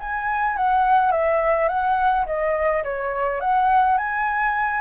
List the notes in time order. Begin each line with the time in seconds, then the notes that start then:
0.00 G#5
0.57 F#5
1.12 E5
1.69 F#5
2.26 D#5
2.84 C#5
3.41 F#5
3.98 G#5